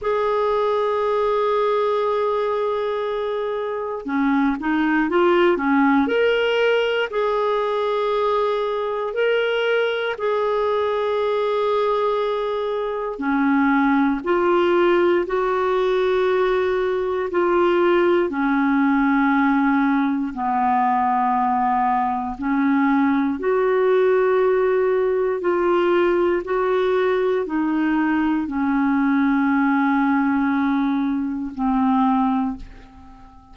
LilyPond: \new Staff \with { instrumentName = "clarinet" } { \time 4/4 \tempo 4 = 59 gis'1 | cis'8 dis'8 f'8 cis'8 ais'4 gis'4~ | gis'4 ais'4 gis'2~ | gis'4 cis'4 f'4 fis'4~ |
fis'4 f'4 cis'2 | b2 cis'4 fis'4~ | fis'4 f'4 fis'4 dis'4 | cis'2. c'4 | }